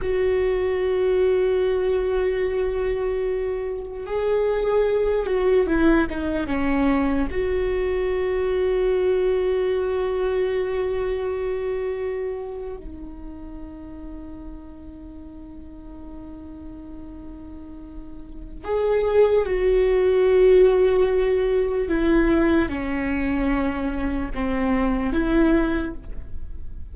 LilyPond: \new Staff \with { instrumentName = "viola" } { \time 4/4 \tempo 4 = 74 fis'1~ | fis'4 gis'4. fis'8 e'8 dis'8 | cis'4 fis'2.~ | fis'2.~ fis'8. dis'16~ |
dis'1~ | dis'2. gis'4 | fis'2. e'4 | cis'2 c'4 e'4 | }